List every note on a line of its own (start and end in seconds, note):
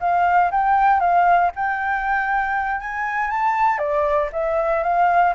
0.00 0.51 F5
0.51 1.00 G5
1.00 1.51 F5
1.56 2.81 G5
2.81 3.30 G#5
3.30 3.79 A5
3.79 4.29 D5
4.32 4.83 E5
4.83 5.34 F5